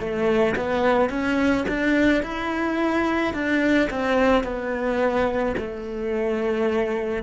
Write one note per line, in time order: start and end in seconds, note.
0.00 0.56 A3
0.57 1.10 B3
1.10 1.65 C#4
1.69 2.23 D4
2.23 3.34 E4
3.34 3.89 D4
3.90 4.44 C4
4.44 5.55 B3
5.58 7.23 A3